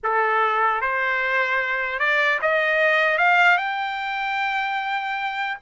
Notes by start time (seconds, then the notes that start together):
0.03 A4
0.81 C5
1.99 D5
2.41 D#5
3.17 F5
3.57 G5